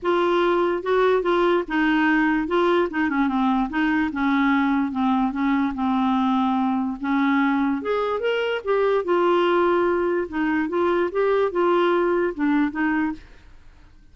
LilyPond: \new Staff \with { instrumentName = "clarinet" } { \time 4/4 \tempo 4 = 146 f'2 fis'4 f'4 | dis'2 f'4 dis'8 cis'8 | c'4 dis'4 cis'2 | c'4 cis'4 c'2~ |
c'4 cis'2 gis'4 | ais'4 g'4 f'2~ | f'4 dis'4 f'4 g'4 | f'2 d'4 dis'4 | }